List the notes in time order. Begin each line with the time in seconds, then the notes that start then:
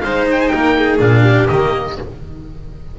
0.00 G#3 D#4 C5 F5
0.31 G5
0.40 G#5
0.48 A#3 A#4 G5
0.78 G#4
0.99 A#2 D4 F5
1.22 G4
1.48 D#3 A#3 D#5